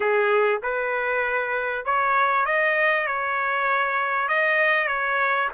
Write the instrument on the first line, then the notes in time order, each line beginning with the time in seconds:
trumpet
0.00 G#4
0.62 B4
1.85 C#5
2.45 D#5
3.06 C#5
4.28 D#5
4.87 C#5